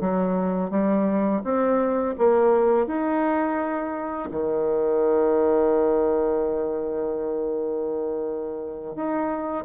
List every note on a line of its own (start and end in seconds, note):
0.00 0.70 F#3
0.70 1.42 G3
1.44 2.15 C4
2.18 2.86 A#3
2.86 4.29 D#4
4.31 8.95 D#3
8.95 9.65 D#4